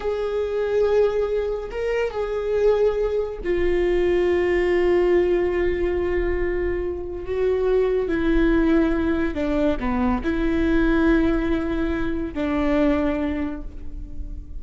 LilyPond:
\new Staff \with { instrumentName = "viola" } { \time 4/4 \tempo 4 = 141 gis'1 | ais'4 gis'2. | f'1~ | f'1~ |
f'4 fis'2 e'4~ | e'2 d'4 b4 | e'1~ | e'4 d'2. | }